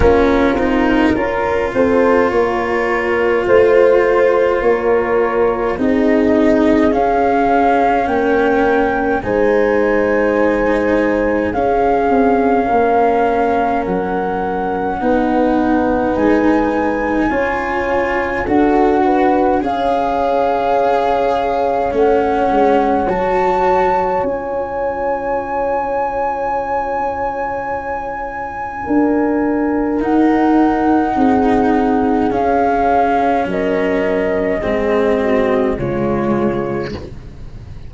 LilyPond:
<<
  \new Staff \with { instrumentName = "flute" } { \time 4/4 \tempo 4 = 52 ais'4. c''8 cis''4 c''4 | cis''4 dis''4 f''4 g''4 | gis''2 f''2 | fis''2 gis''2 |
fis''4 f''2 fis''4 | a''4 gis''2.~ | gis''2 fis''2 | f''4 dis''2 cis''4 | }
  \new Staff \with { instrumentName = "horn" } { \time 4/4 f'4 ais'8 a'8 ais'4 c''4 | ais'4 gis'2 ais'4 | c''2 gis'4 ais'4~ | ais'4 b'2 cis''4 |
a'8 b'8 cis''2.~ | cis''1~ | cis''4 ais'2 gis'4~ | gis'4 ais'4 gis'8 fis'8 f'4 | }
  \new Staff \with { instrumentName = "cello" } { \time 4/4 cis'8 dis'8 f'2.~ | f'4 dis'4 cis'2 | dis'2 cis'2~ | cis'4 dis'2 f'4 |
fis'4 gis'2 cis'4 | fis'4 f'2.~ | f'2 dis'2 | cis'2 c'4 gis4 | }
  \new Staff \with { instrumentName = "tuba" } { \time 4/4 ais8 c'8 cis'8 c'8 ais4 a4 | ais4 c'4 cis'4 ais4 | gis2 cis'8 c'8 ais4 | fis4 b4 gis4 cis'4 |
d'4 cis'2 a8 gis8 | fis4 cis'2.~ | cis'4 d'4 dis'4 c'4 | cis'4 fis4 gis4 cis4 | }
>>